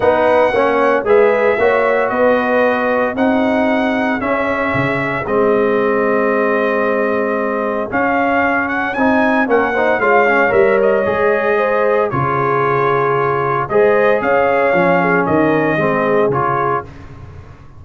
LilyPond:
<<
  \new Staff \with { instrumentName = "trumpet" } { \time 4/4 \tempo 4 = 114 fis''2 e''2 | dis''2 fis''2 | e''2 dis''2~ | dis''2. f''4~ |
f''8 fis''8 gis''4 fis''4 f''4 | e''8 dis''2~ dis''8 cis''4~ | cis''2 dis''4 f''4~ | f''4 dis''2 cis''4 | }
  \new Staff \with { instrumentName = "horn" } { \time 4/4 b'4 cis''4 b'4 cis''4 | b'2 gis'2~ | gis'1~ | gis'1~ |
gis'2 ais'8 c''8 cis''4~ | cis''2 c''4 gis'4~ | gis'2 c''4 cis''4~ | cis''8 gis'8 ais'4 gis'2 | }
  \new Staff \with { instrumentName = "trombone" } { \time 4/4 dis'4 cis'4 gis'4 fis'4~ | fis'2 dis'2 | cis'2 c'2~ | c'2. cis'4~ |
cis'4 dis'4 cis'8 dis'8 f'8 cis'8 | ais'4 gis'2 f'4~ | f'2 gis'2 | cis'2 c'4 f'4 | }
  \new Staff \with { instrumentName = "tuba" } { \time 4/4 b4 ais4 gis4 ais4 | b2 c'2 | cis'4 cis4 gis2~ | gis2. cis'4~ |
cis'4 c'4 ais4 gis4 | g4 gis2 cis4~ | cis2 gis4 cis'4 | f4 dis4 gis4 cis4 | }
>>